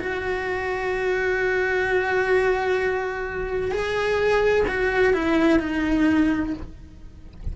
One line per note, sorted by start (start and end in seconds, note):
0.00 3.71 F#4
3.71 4.65 G#4
4.68 5.13 F#4
5.13 5.60 E4
5.60 6.53 D#4